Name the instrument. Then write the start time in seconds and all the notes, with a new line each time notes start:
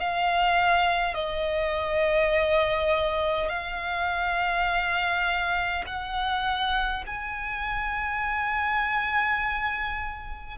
violin
0.00 F5
1.15 D#5
3.50 F5
5.87 F#5
7.07 G#5